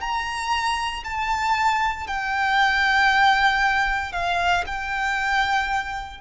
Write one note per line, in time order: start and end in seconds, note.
0.00 1.03 A#5
1.04 2.07 A5
2.07 4.12 G5
4.12 4.64 F5
4.66 6.21 G5